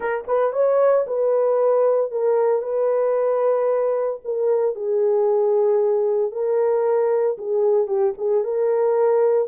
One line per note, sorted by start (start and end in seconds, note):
0.00 0.24 A#4
0.27 0.52 B4
0.52 1.05 C#5
1.06 2.11 B4
2.11 2.62 A#4
2.62 4.20 B4
4.24 4.75 A#4
4.75 6.31 G#4
6.31 7.37 A#4
7.38 7.87 G#4
7.87 8.13 G4
8.17 8.43 G#4
8.43 9.48 A#4